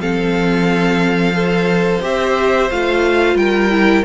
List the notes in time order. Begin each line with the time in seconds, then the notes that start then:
0.00 F3 C4 A4 F5
1.33 A4 C5
2.02 C4 G4 E5
2.71 A3 F4 F5
3.35 G3 A#4 G5
3.70 E4